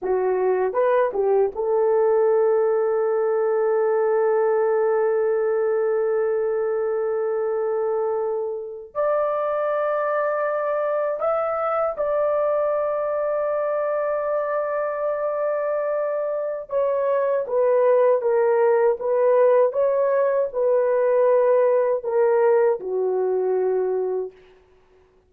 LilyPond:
\new Staff \with { instrumentName = "horn" } { \time 4/4 \tempo 4 = 79 fis'4 b'8 g'8 a'2~ | a'1~ | a'2.~ a'8. d''16~ | d''2~ d''8. e''4 d''16~ |
d''1~ | d''2 cis''4 b'4 | ais'4 b'4 cis''4 b'4~ | b'4 ais'4 fis'2 | }